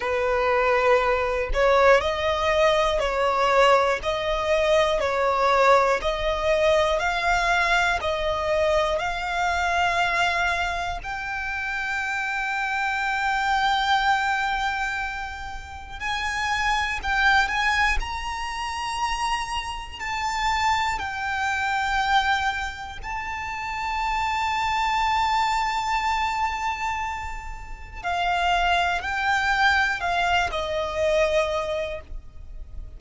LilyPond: \new Staff \with { instrumentName = "violin" } { \time 4/4 \tempo 4 = 60 b'4. cis''8 dis''4 cis''4 | dis''4 cis''4 dis''4 f''4 | dis''4 f''2 g''4~ | g''1 |
gis''4 g''8 gis''8 ais''2 | a''4 g''2 a''4~ | a''1 | f''4 g''4 f''8 dis''4. | }